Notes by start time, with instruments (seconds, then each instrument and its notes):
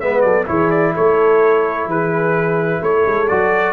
0.00 tuba G#3, trombone B3, horn B4, trumpet E5
0.21 tuba F#3, horn A4, trumpet D5
0.45 tuba E3, trombone E4, horn G#4, trumpet C#5
0.70 trumpet D5
0.94 tuba A3, horn A4, trumpet C#5
1.86 tuba E3, horn G#4, trumpet B4
2.81 tuba A3, horn A4, trumpet C#5
3.06 tuba G#3
3.28 tuba F#3, trombone F#4, trumpet D5